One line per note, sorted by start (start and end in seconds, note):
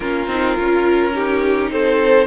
0.00 0.27 A#3
0.00 0.28 C#4
0.00 1.13 F4
0.00 1.70 A#4
0.27 0.55 C4
0.27 0.55 D#4
0.55 1.71 C#4
0.55 1.12 F4
1.12 2.26 D#4
1.12 1.71 G4
1.71 2.26 C4
1.71 2.26 A4
1.71 2.26 C5